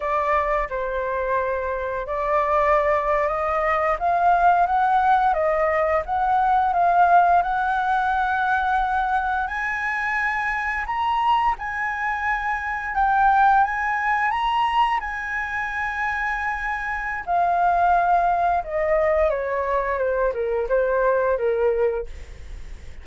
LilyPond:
\new Staff \with { instrumentName = "flute" } { \time 4/4 \tempo 4 = 87 d''4 c''2 d''4~ | d''8. dis''4 f''4 fis''4 dis''16~ | dis''8. fis''4 f''4 fis''4~ fis''16~ | fis''4.~ fis''16 gis''2 ais''16~ |
ais''8. gis''2 g''4 gis''16~ | gis''8. ais''4 gis''2~ gis''16~ | gis''4 f''2 dis''4 | cis''4 c''8 ais'8 c''4 ais'4 | }